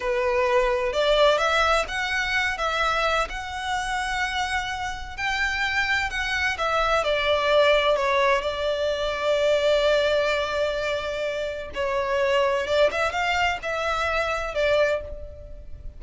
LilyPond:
\new Staff \with { instrumentName = "violin" } { \time 4/4 \tempo 4 = 128 b'2 d''4 e''4 | fis''4. e''4. fis''4~ | fis''2. g''4~ | g''4 fis''4 e''4 d''4~ |
d''4 cis''4 d''2~ | d''1~ | d''4 cis''2 d''8 e''8 | f''4 e''2 d''4 | }